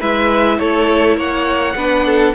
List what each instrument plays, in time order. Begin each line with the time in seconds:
0.00 cello G#3, viola E4, violin B4 E5
0.59 cello A3, violin A4 C#5
1.17 cello A#3, violin C#5 F#5
1.76 cello B3, viola D4, violin B4
2.06 violin A4